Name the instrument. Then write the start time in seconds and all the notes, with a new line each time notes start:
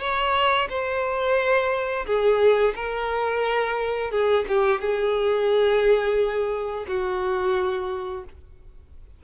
violin
0.00 C#5
0.69 C5
2.06 G#4
2.76 A#4
4.11 G#4
4.48 G4
4.81 G#4
6.88 F#4